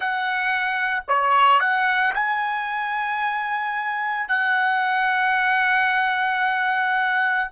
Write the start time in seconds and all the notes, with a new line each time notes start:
0.00 F#5
1.07 C#5
1.60 F#5
2.14 G#5
4.28 F#5